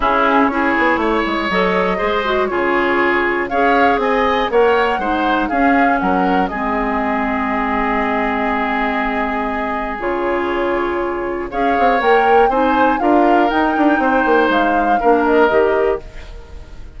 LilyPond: <<
  \new Staff \with { instrumentName = "flute" } { \time 4/4 \tempo 4 = 120 gis'4 cis''2 dis''4~ | dis''4 cis''2 f''4 | gis''4 fis''2 f''4 | fis''4 dis''2.~ |
dis''1 | cis''2. f''4 | g''4 gis''4 f''4 g''4~ | g''4 f''4. dis''4. | }
  \new Staff \with { instrumentName = "oboe" } { \time 4/4 e'4 gis'4 cis''2 | c''4 gis'2 cis''4 | dis''4 cis''4 c''4 gis'4 | ais'4 gis'2.~ |
gis'1~ | gis'2. cis''4~ | cis''4 c''4 ais'2 | c''2 ais'2 | }
  \new Staff \with { instrumentName = "clarinet" } { \time 4/4 cis'4 e'2 a'4 | gis'8 fis'8 f'2 gis'4~ | gis'4 ais'4 dis'4 cis'4~ | cis'4 c'2.~ |
c'1 | f'2. gis'4 | ais'4 dis'4 f'4 dis'4~ | dis'2 d'4 g'4 | }
  \new Staff \with { instrumentName = "bassoon" } { \time 4/4 cis4 cis'8 b8 a8 gis8 fis4 | gis4 cis2 cis'4 | c'4 ais4 gis4 cis'4 | fis4 gis2.~ |
gis1 | cis2. cis'8 c'8 | ais4 c'4 d'4 dis'8 d'8 | c'8 ais8 gis4 ais4 dis4 | }
>>